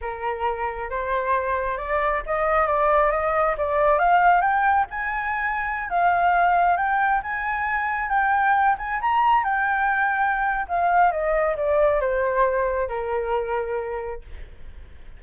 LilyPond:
\new Staff \with { instrumentName = "flute" } { \time 4/4 \tempo 4 = 135 ais'2 c''2 | d''4 dis''4 d''4 dis''4 | d''4 f''4 g''4 gis''4~ | gis''4~ gis''16 f''2 g''8.~ |
g''16 gis''2 g''4. gis''16~ | gis''16 ais''4 g''2~ g''8. | f''4 dis''4 d''4 c''4~ | c''4 ais'2. | }